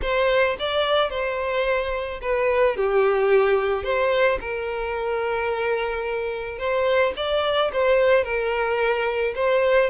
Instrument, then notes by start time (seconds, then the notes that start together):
violin
0.02 C5
0.59 D5
1.10 C5
2.21 B4
2.76 G4
3.83 C5
4.40 A#4
6.58 C5
7.16 D5
7.73 C5
8.24 A#4
9.35 C5